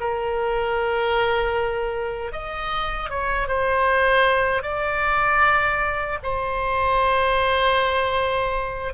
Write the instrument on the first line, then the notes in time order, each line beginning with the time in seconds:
oboe
0.00 A#4
2.32 D#5
3.10 C#5
3.47 C5
4.62 D5
6.23 C5